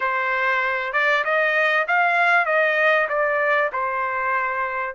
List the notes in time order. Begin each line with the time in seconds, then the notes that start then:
0.00 C5
0.93 D5
1.24 D#5
1.87 F5
2.45 D#5
3.08 D5
3.72 C5